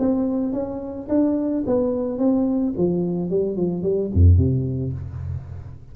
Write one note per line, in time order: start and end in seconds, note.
0.00 0.54 C4
0.54 1.09 C#4
1.09 1.64 D4
1.67 2.19 B3
2.19 2.74 C4
2.78 3.31 F3
3.31 3.57 G3
3.57 3.84 F3
3.84 4.11 G3
4.14 4.38 F2
4.38 4.93 C3